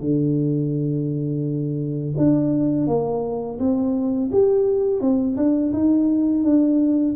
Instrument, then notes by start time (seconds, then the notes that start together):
tuba
0.00 D3
2.17 D4
2.87 A#3
3.59 C4
4.32 G4
5.01 C4
5.37 D4
5.72 D#4
6.44 D4